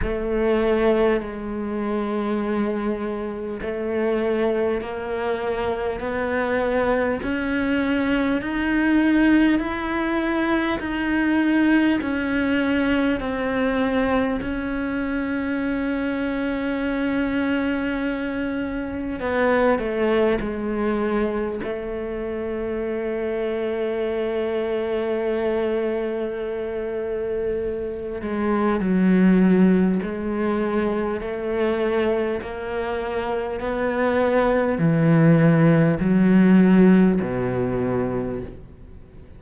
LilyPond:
\new Staff \with { instrumentName = "cello" } { \time 4/4 \tempo 4 = 50 a4 gis2 a4 | ais4 b4 cis'4 dis'4 | e'4 dis'4 cis'4 c'4 | cis'1 |
b8 a8 gis4 a2~ | a2.~ a8 gis8 | fis4 gis4 a4 ais4 | b4 e4 fis4 b,4 | }